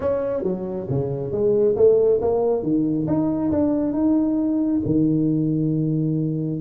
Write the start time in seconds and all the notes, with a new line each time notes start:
0.00 C#4
0.43 F#3
0.89 C#3
1.31 G#3
1.76 A3
2.21 A#3
2.62 D#3
3.07 D#4
3.51 D4
3.93 D#4
4.85 D#3